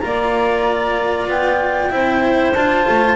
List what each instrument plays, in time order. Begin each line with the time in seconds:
0.00 double bass A#3, cello F4, clarinet D5, flute A#5
1.27 double bass B3, flute G5
1.90 double bass C4, cello E4, clarinet C5
2.54 double bass D4, cello F4, flute A5
2.89 double bass A3